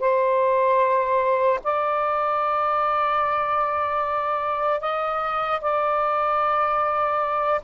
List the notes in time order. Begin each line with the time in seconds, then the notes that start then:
0.00 C5
1.64 D5
4.81 D#5
5.61 D5